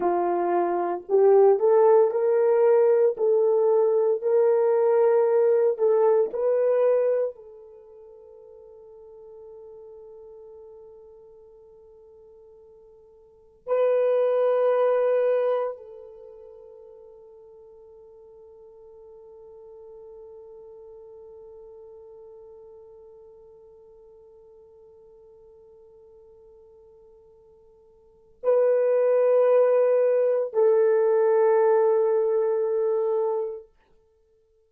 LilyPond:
\new Staff \with { instrumentName = "horn" } { \time 4/4 \tempo 4 = 57 f'4 g'8 a'8 ais'4 a'4 | ais'4. a'8 b'4 a'4~ | a'1~ | a'4 b'2 a'4~ |
a'1~ | a'1~ | a'2. b'4~ | b'4 a'2. | }